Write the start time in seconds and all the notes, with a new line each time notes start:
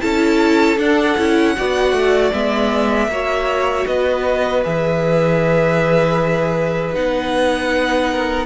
0.00 C#4 E4 A4 A5
0.77 D4 F#5
1.17 C#4 E4
1.56 B3 F#4 D5
1.92 A3
2.32 G#3 B3 E5
3.08 A#3 F#4 C#5
3.87 B3 B4 D#5
4.64 E3 G#4 E5
6.93 B3 D#4 F#5
8.11 A#4